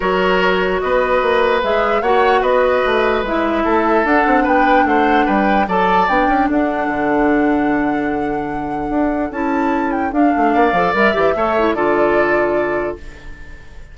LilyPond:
<<
  \new Staff \with { instrumentName = "flute" } { \time 4/4 \tempo 4 = 148 cis''2 dis''2 | e''4 fis''4 dis''2 | e''2 fis''4 g''4 | fis''4 g''4 a''4 g''4 |
fis''1~ | fis''2. a''4~ | a''8 g''8 f''2 e''4~ | e''4 d''2. | }
  \new Staff \with { instrumentName = "oboe" } { \time 4/4 ais'2 b'2~ | b'4 cis''4 b'2~ | b'4 a'2 b'4 | c''4 b'4 d''2 |
a'1~ | a'1~ | a'2 d''2 | cis''4 a'2. | }
  \new Staff \with { instrumentName = "clarinet" } { \time 4/4 fis'1 | gis'4 fis'2. | e'2 d'2~ | d'2 a'4 d'4~ |
d'1~ | d'2. e'4~ | e'4 d'4. a'8 ais'8 g'8 | a'8 e'8 f'2. | }
  \new Staff \with { instrumentName = "bassoon" } { \time 4/4 fis2 b4 ais4 | gis4 ais4 b4 a4 | gis4 a4 d'8 c'8 b4 | a4 g4 fis4 b8 cis'8 |
d'4 d2.~ | d2 d'4 cis'4~ | cis'4 d'8 a8 ais8 f8 g8 e8 | a4 d2. | }
>>